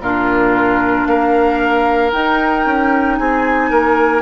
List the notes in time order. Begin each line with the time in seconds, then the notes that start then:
0.00 A#2 D4 F4 A#4
1.06 A#3 A#4 F5
2.12 D#4 G5
2.66 C#4
3.17 C4 G#4 G#5
3.70 A#3 A#4